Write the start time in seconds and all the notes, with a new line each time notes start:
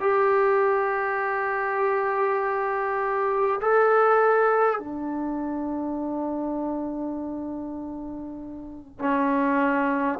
0.00 G4
3.61 A4
4.79 D4
8.99 C#4